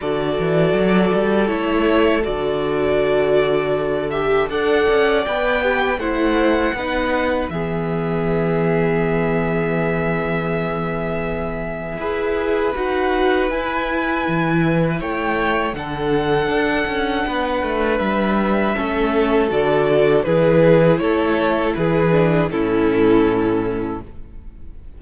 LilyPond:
<<
  \new Staff \with { instrumentName = "violin" } { \time 4/4 \tempo 4 = 80 d''2 cis''4 d''4~ | d''4. e''8 fis''4 g''4 | fis''2 e''2~ | e''1~ |
e''4 fis''4 gis''2 | g''4 fis''2. | e''2 d''4 b'4 | cis''4 b'4 a'2 | }
  \new Staff \with { instrumentName = "violin" } { \time 4/4 a'1~ | a'2 d''4. g'8 | c''4 b'4 gis'2~ | gis'1 |
b'1 | cis''4 a'2 b'4~ | b'4 a'2 gis'4 | a'4 gis'4 e'2 | }
  \new Staff \with { instrumentName = "viola" } { \time 4/4 fis'2 e'4 fis'4~ | fis'4. g'8 a'4 b'4 | e'4 dis'4 b2~ | b1 |
gis'4 fis'4 e'2~ | e'4 d'2.~ | d'4 cis'4 fis'4 e'4~ | e'4. d'8 cis'2 | }
  \new Staff \with { instrumentName = "cello" } { \time 4/4 d8 e8 fis8 g8 a4 d4~ | d2 d'8 cis'8 b4 | a4 b4 e2~ | e1 |
e'4 dis'4 e'4 e4 | a4 d4 d'8 cis'8 b8 a8 | g4 a4 d4 e4 | a4 e4 a,2 | }
>>